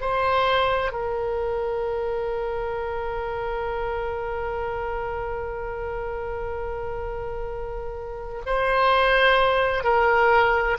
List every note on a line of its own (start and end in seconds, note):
0.00 0.91 C5
0.91 8.41 A#4
8.45 9.83 C5
9.83 10.77 A#4